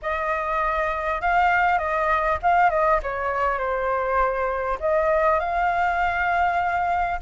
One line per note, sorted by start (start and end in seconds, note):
0.01 1.21 D#5
1.21 1.78 F5
1.78 2.38 D#5
2.42 2.70 F5
2.70 3.00 D#5
3.02 3.58 C#5
3.58 4.78 C5
4.79 5.39 D#5
5.39 7.19 F5